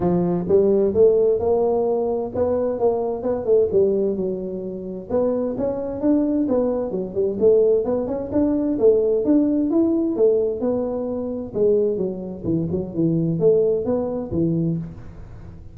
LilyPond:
\new Staff \with { instrumentName = "tuba" } { \time 4/4 \tempo 4 = 130 f4 g4 a4 ais4~ | ais4 b4 ais4 b8 a8 | g4 fis2 b4 | cis'4 d'4 b4 fis8 g8 |
a4 b8 cis'8 d'4 a4 | d'4 e'4 a4 b4~ | b4 gis4 fis4 e8 fis8 | e4 a4 b4 e4 | }